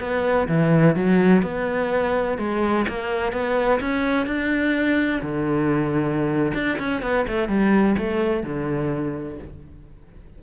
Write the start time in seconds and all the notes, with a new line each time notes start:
0.00 B3
0.48 E3
0.96 F#3
1.42 B3
2.38 G#3
2.88 A#3
3.32 B3
3.80 C#4
4.26 D4
5.22 D3
6.54 D4
6.79 C#4
7.02 B3
7.27 A3
7.48 G3
7.98 A3
8.43 D3